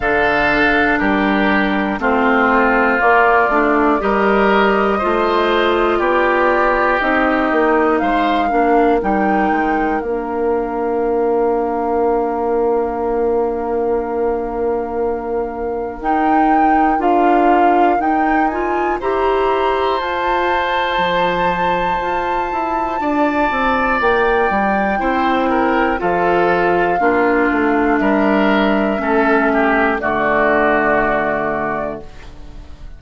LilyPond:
<<
  \new Staff \with { instrumentName = "flute" } { \time 4/4 \tempo 4 = 60 f''4 ais'4 c''4 d''4 | dis''2 d''4 dis''4 | f''4 g''4 f''2~ | f''1 |
g''4 f''4 g''8 gis''8 ais''4 | a''1 | g''2 f''2 | e''2 d''2 | }
  \new Staff \with { instrumentName = "oboe" } { \time 4/4 a'4 g'4 f'2 | ais'4 c''4 g'2 | c''8 ais'2.~ ais'8~ | ais'1~ |
ais'2. c''4~ | c''2. d''4~ | d''4 c''8 ais'8 a'4 f'4 | ais'4 a'8 g'8 fis'2 | }
  \new Staff \with { instrumentName = "clarinet" } { \time 4/4 d'2 c'4 ais8 d'8 | g'4 f'2 dis'4~ | dis'8 d'8 dis'4 d'2~ | d'1 |
dis'4 f'4 dis'8 f'8 g'4 | f'1~ | f'4 e'4 f'4 d'4~ | d'4 cis'4 a2 | }
  \new Staff \with { instrumentName = "bassoon" } { \time 4/4 d4 g4 a4 ais8 a8 | g4 a4 b4 c'8 ais8 | gis8 ais8 g8 gis8 ais2~ | ais1 |
dis'4 d'4 dis'4 e'4 | f'4 f4 f'8 e'8 d'8 c'8 | ais8 g8 c'4 f4 ais8 a8 | g4 a4 d2 | }
>>